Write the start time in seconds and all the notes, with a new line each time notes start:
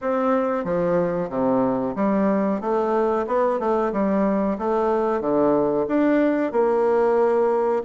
0.01 C4
0.64 F3
1.29 C3
1.95 G3
2.60 A3
3.26 B3
3.59 A3
3.92 G3
4.58 A3
5.20 D3
5.88 D4
6.52 A#3